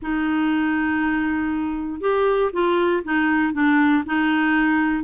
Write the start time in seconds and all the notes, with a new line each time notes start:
0.02 D#4
2.01 G4
2.52 F4
3.04 D#4
3.53 D4
4.05 D#4